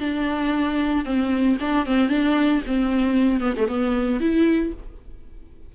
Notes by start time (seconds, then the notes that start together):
0.00 D4
1.05 C4
1.61 D4
1.86 C4
2.09 D4
2.67 C4
3.41 B3
3.57 A3
3.68 B3
4.20 E4